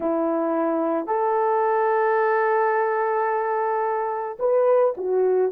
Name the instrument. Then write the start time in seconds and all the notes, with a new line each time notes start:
horn
0.00 E4
1.06 A4
4.39 B4
4.97 F#4